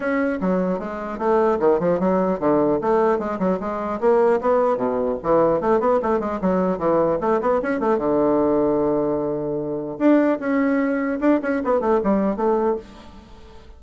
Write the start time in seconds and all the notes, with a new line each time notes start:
0.00 C#4
0.40 F#3
0.79 G#3
1.18 A3
1.59 D#3
1.79 F3
1.99 F#3
2.39 D3
2.81 A3
3.18 G#3
3.39 F#3
3.60 G#3
4.00 A#3
4.40 B3
4.77 B2
5.22 E3
5.61 A3
5.80 B3
6.02 A3
6.19 G#3
6.41 F#3
6.78 E3
7.21 A3
7.41 B3
7.62 C#4
7.80 A3
7.97 D3
9.98 D4
10.39 C#4
11.20 D4
11.42 C#4
11.64 B3
11.80 A3
12.03 G3
12.36 A3